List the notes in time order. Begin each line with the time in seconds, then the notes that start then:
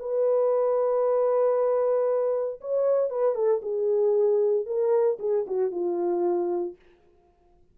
0.00 B4
2.61 C#5
3.10 B4
3.35 A4
3.63 G#4
4.66 A#4
5.20 G#4
5.47 F#4
5.72 F4